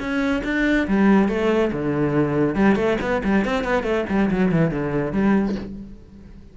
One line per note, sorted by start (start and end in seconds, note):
0.00 0.43 C#4
0.45 0.87 D4
0.88 1.29 G3
1.29 1.72 A3
1.73 2.56 D3
2.56 2.76 G3
2.76 2.97 A3
3.02 3.23 B3
3.25 3.45 G3
3.45 3.64 C4
3.64 3.84 B3
3.84 4.05 A3
4.10 4.31 G3
4.31 4.52 F#3
4.52 4.71 E3
4.71 5.13 D3
5.13 5.56 G3